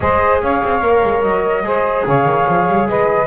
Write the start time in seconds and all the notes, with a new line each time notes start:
0.00 G#3 G#4 C5 D#5
0.41 C#4 C#5 F5
0.64 C4
0.81 A#3 A#4
1.03 G#3
1.22 F#3 D#5
1.63 G#3 G#4 C5
2.06 C#3 C#5 F5
2.25 D#3
2.47 F3
2.67 G3
2.88 G#3 B4 D#5